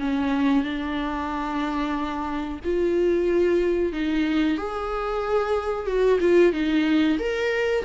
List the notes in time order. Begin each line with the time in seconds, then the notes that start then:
0.00 C#4
0.64 D4
2.64 F4
3.93 D#4
4.57 G#4
5.87 F#4
6.20 F4
6.53 D#4
7.19 A#4